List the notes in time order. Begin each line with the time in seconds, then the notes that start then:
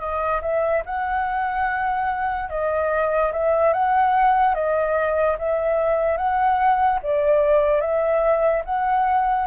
0.00 D#5
0.42 E5
0.86 F#5
2.50 D#5
3.33 E5
3.74 F#5
4.55 D#5
5.39 E5
6.17 F#5
7.03 D5
7.81 E5
8.65 F#5